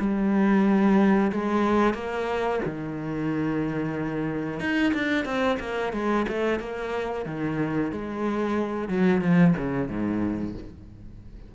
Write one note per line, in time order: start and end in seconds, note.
0.00 1.32 G3
1.32 1.95 G#3
1.95 2.60 A#3
2.65 4.60 D#3
4.60 4.93 D#4
4.95 5.25 D4
5.25 5.58 C4
5.60 5.93 A#3
5.93 6.26 G#3
6.29 6.60 A3
6.60 7.26 A#3
7.26 7.92 D#3
7.92 8.89 G#3
8.89 9.21 F#3
9.21 9.54 F3
9.57 9.89 C#3
9.89 10.55 G#2